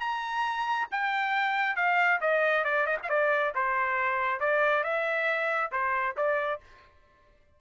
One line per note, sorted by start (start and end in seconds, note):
0.00 0.88 A#5
0.91 1.76 G5
1.76 2.20 F5
2.21 2.64 D#5
2.64 2.86 D5
2.86 2.97 D#5
3.03 3.09 F5
3.09 3.53 D5
3.55 4.40 C5
4.40 4.83 D5
4.83 5.71 E5
5.72 6.15 C5
6.17 6.60 D5